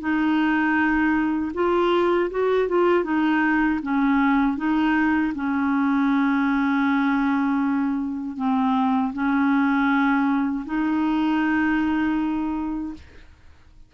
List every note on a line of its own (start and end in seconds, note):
0.00 1.52 D#4
1.54 2.30 F4
2.31 2.68 F#4
2.68 3.04 F4
3.04 3.80 D#4
3.83 4.57 C#4
4.57 5.33 D#4
5.35 8.37 C#4
8.37 9.13 C4
9.13 10.65 C#4
10.66 12.94 D#4